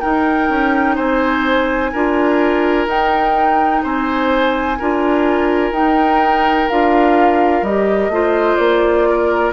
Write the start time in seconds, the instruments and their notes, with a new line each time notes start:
0.00 clarinet D#4, bassoon D#4, oboe A#4, flute G5
0.49 bassoon C#4
0.95 bassoon C4, oboe C5, flute G#5
1.92 bassoon D4, clarinet F4, oboe A#4
2.86 bassoon D#4, clarinet D#4, flute G5
3.83 bassoon C4, oboe C5, flute G#5
4.78 bassoon D4, clarinet F4, oboe A#4
5.71 bassoon D#4, clarinet D#4, flute G5
6.69 bassoon D4, clarinet F4, flute F5
7.62 bassoon G3, clarinet G4, flute D#5
8.09 bassoon A3, clarinet F4, oboe C5
8.56 bassoon A#3, flute D5
9.09 oboe A#4